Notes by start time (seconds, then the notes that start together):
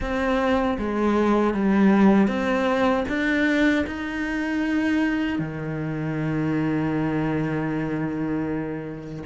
0.00 C4
0.78 G#3
1.53 G3
2.27 C4
3.08 D4
3.87 D#4
5.38 D#3